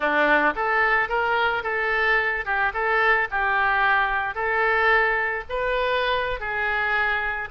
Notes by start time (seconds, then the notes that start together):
0.00 D4
0.55 A4
1.08 A#4
1.63 A4
2.45 G4
2.73 A4
3.30 G4
4.34 A4
5.49 B4
6.39 G#4